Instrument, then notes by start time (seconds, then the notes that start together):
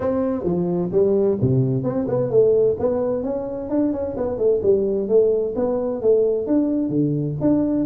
tuba
0.00 C4
0.43 F3
0.91 G3
1.41 C3
1.83 C4
2.08 B3
2.30 A3
2.79 B3
3.23 C#4
3.69 D4
3.93 C#4
4.16 B3
4.37 A3
4.63 G3
5.08 A3
5.55 B3
6.01 A3
6.46 D4
6.89 D3
7.40 D4